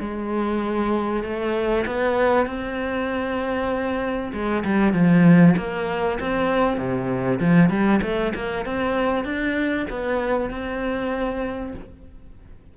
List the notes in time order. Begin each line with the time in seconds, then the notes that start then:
0.00 G#3
1.23 A3
1.86 B3
2.46 C4
4.33 G#3
4.65 G3
4.93 F3
5.57 A#3
6.20 C4
6.77 C3
7.40 F3
7.70 G3
8.02 A3
8.35 A#3
8.65 C4
9.24 D4
9.90 B3
10.50 C4